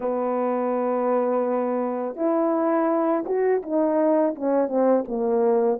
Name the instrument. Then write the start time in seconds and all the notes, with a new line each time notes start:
horn
0.00 B3
2.16 E4
3.25 F#4
3.62 D#4
4.35 C#4
4.68 C4
5.08 A#3